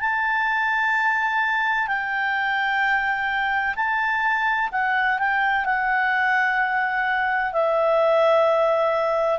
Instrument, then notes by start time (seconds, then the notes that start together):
clarinet
0.00 A5
1.87 G5
3.75 A5
4.72 F#5
5.18 G5
5.65 F#5
7.52 E5